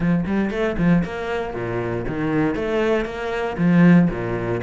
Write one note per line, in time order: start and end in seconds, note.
0.00 0.24 F3
0.26 0.50 G3
0.50 0.76 A3
0.78 1.03 F3
1.04 1.54 A#3
1.54 2.05 A#2
2.08 2.55 D#3
2.55 3.05 A3
3.05 3.56 A#3
3.57 4.08 F3
4.10 4.61 A#2